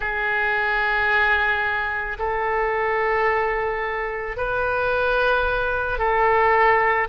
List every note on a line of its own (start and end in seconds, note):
0.00 2.17 G#4
2.18 4.36 A4
4.36 5.98 B4
5.98 7.07 A4